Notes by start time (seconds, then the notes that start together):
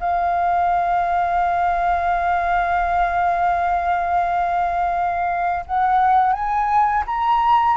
0.00 F5
5.66 F#5
6.33 G#5
7.07 A#5